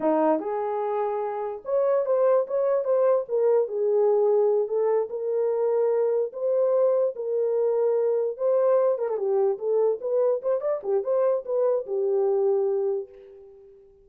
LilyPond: \new Staff \with { instrumentName = "horn" } { \time 4/4 \tempo 4 = 147 dis'4 gis'2. | cis''4 c''4 cis''4 c''4 | ais'4 gis'2~ gis'8 a'8~ | a'8 ais'2. c''8~ |
c''4. ais'2~ ais'8~ | ais'8 c''4. ais'16 a'16 g'4 a'8~ | a'8 b'4 c''8 d''8 g'8 c''4 | b'4 g'2. | }